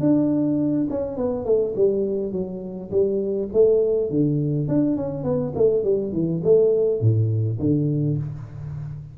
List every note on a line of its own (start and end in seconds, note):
0.00 0.87 D4
0.90 1.17 C#4
1.17 1.45 B3
1.45 1.74 A3
1.75 2.32 G3
2.32 2.90 F#3
2.90 3.49 G3
3.52 4.10 A3
4.10 4.68 D3
4.68 4.96 D4
4.96 5.23 C#4
5.23 5.53 B3
5.55 5.83 A3
5.83 6.12 G3
6.12 6.41 E3
6.44 7.01 A3
7.01 7.59 A2
7.59 8.17 D3